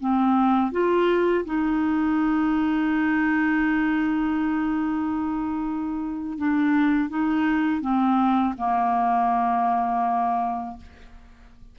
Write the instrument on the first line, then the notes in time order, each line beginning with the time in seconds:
clarinet
0.00 C4
0.72 F4
1.45 D#4
6.38 D4
7.09 D#4
7.81 C4
8.57 A#3